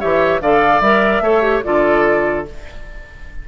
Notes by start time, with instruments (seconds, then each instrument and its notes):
0.00 bassoon E3, clarinet G4, oboe C#5, flute E5
0.41 bassoon D3, clarinet A4, oboe D5, flute F5
0.81 bassoon G3, clarinet A#4, flute E5
1.21 bassoon A3, clarinet A4, oboe C#5
1.42 clarinet G4
1.64 bassoon D3, clarinet F4, oboe A4, flute D5